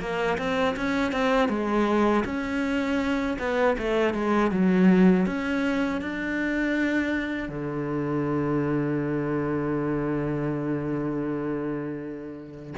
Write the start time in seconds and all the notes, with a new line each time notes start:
0.00 A#3
0.38 C4
0.76 C#4
1.12 C4
1.49 G#3
2.25 C#4
3.39 B3
3.78 A3
4.14 G#3
4.51 F#3
5.26 C#4
6.01 D4
7.49 D3